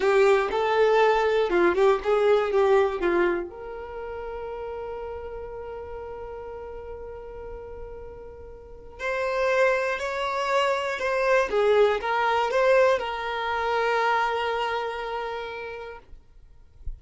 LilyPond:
\new Staff \with { instrumentName = "violin" } { \time 4/4 \tempo 4 = 120 g'4 a'2 f'8 g'8 | gis'4 g'4 f'4 ais'4~ | ais'1~ | ais'1~ |
ais'2 c''2 | cis''2 c''4 gis'4 | ais'4 c''4 ais'2~ | ais'1 | }